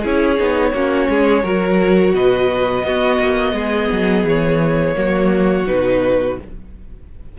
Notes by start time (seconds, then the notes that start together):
0.00 C#4 E4 G#4
0.06 C#5
0.38 B3 D#4
0.73 A#3 C#4 F#4
1.09 G#3 G#4
1.43 F#3 F#4 A#4
2.14 B2 B4 D#5
2.83 B3 F#4
3.20 A#3
3.53 G#3 G#4
3.92 F#3
4.24 E3 C#5
4.95 F#3 A#3 F#4
5.67 B2 D#4 B4